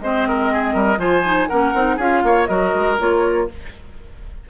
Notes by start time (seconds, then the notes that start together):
0.00 G#3 C4 C5 D#5
0.28 A#4
0.52 G#4
0.73 G3 A#4
0.97 F3 F4 C5 G#5
1.24 D#4
1.47 A#3 C#4 A#4 F#5
1.73 C4 D#4
1.96 C#4 F4 G#4 F5
2.23 A#3 C#5
2.46 F#3 F#4 A#4 D#5
2.74 G#3
2.98 A#3 F4 C#5